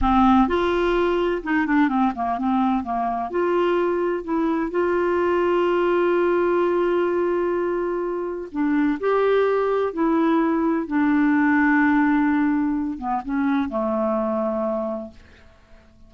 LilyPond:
\new Staff \with { instrumentName = "clarinet" } { \time 4/4 \tempo 4 = 127 c'4 f'2 dis'8 d'8 | c'8 ais8 c'4 ais4 f'4~ | f'4 e'4 f'2~ | f'1~ |
f'2 d'4 g'4~ | g'4 e'2 d'4~ | d'2.~ d'8 b8 | cis'4 a2. | }